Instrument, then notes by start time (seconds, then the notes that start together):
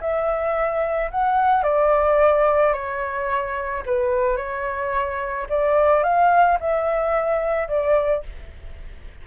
flute
0.00 E5
1.10 F#5
1.62 D5
2.72 C#5
3.85 B4
4.36 C#5
5.49 D5
6.03 F5
6.60 E5
7.68 D5